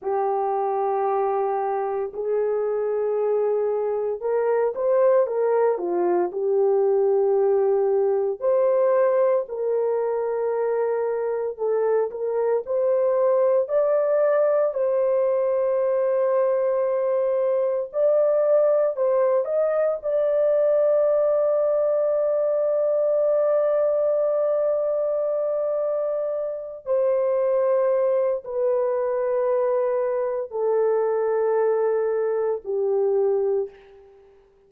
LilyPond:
\new Staff \with { instrumentName = "horn" } { \time 4/4 \tempo 4 = 57 g'2 gis'2 | ais'8 c''8 ais'8 f'8 g'2 | c''4 ais'2 a'8 ais'8 | c''4 d''4 c''2~ |
c''4 d''4 c''8 dis''8 d''4~ | d''1~ | d''4. c''4. b'4~ | b'4 a'2 g'4 | }